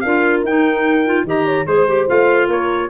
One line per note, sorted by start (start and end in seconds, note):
0.00 0.43 D4
0.00 0.45 F4
0.00 1.26 A#4
0.00 0.41 F5
0.43 1.24 D#4
0.43 1.06 D#4
0.43 1.27 G5
1.06 1.26 F4
1.24 1.65 D#3
1.24 1.66 G4
1.24 1.46 D#5
1.24 1.66 A#5
1.46 1.66 C#5
1.66 2.08 G#3
1.66 1.86 G#4
1.66 2.07 C5
1.66 2.49 C5
1.87 2.08 G4
2.08 2.48 A3
2.08 2.89 F4
2.08 2.50 F5
2.48 2.89 A#3
2.48 2.89 A#4
2.48 2.89 C#5